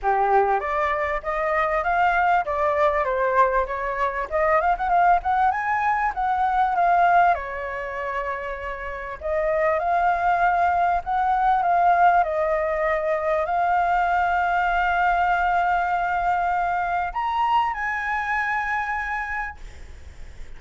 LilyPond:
\new Staff \with { instrumentName = "flute" } { \time 4/4 \tempo 4 = 98 g'4 d''4 dis''4 f''4 | d''4 c''4 cis''4 dis''8 f''16 fis''16 | f''8 fis''8 gis''4 fis''4 f''4 | cis''2. dis''4 |
f''2 fis''4 f''4 | dis''2 f''2~ | f''1 | ais''4 gis''2. | }